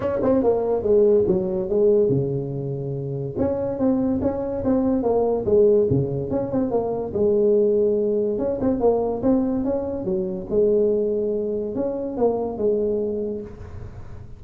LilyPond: \new Staff \with { instrumentName = "tuba" } { \time 4/4 \tempo 4 = 143 cis'8 c'8 ais4 gis4 fis4 | gis4 cis2. | cis'4 c'4 cis'4 c'4 | ais4 gis4 cis4 cis'8 c'8 |
ais4 gis2. | cis'8 c'8 ais4 c'4 cis'4 | fis4 gis2. | cis'4 ais4 gis2 | }